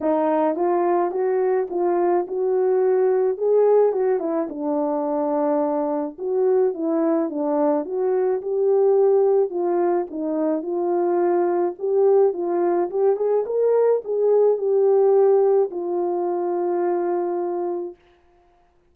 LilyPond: \new Staff \with { instrumentName = "horn" } { \time 4/4 \tempo 4 = 107 dis'4 f'4 fis'4 f'4 | fis'2 gis'4 fis'8 e'8 | d'2. fis'4 | e'4 d'4 fis'4 g'4~ |
g'4 f'4 dis'4 f'4~ | f'4 g'4 f'4 g'8 gis'8 | ais'4 gis'4 g'2 | f'1 | }